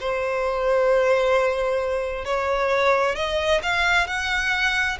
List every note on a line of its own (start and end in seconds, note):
0.00 2.24 C5
2.24 3.15 C#5
3.15 3.61 D#5
3.62 4.07 F5
4.07 4.98 F#5